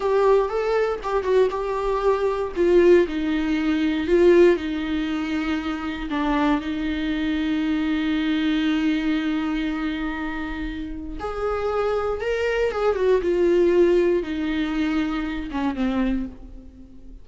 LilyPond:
\new Staff \with { instrumentName = "viola" } { \time 4/4 \tempo 4 = 118 g'4 a'4 g'8 fis'8 g'4~ | g'4 f'4 dis'2 | f'4 dis'2. | d'4 dis'2.~ |
dis'1~ | dis'2 gis'2 | ais'4 gis'8 fis'8 f'2 | dis'2~ dis'8 cis'8 c'4 | }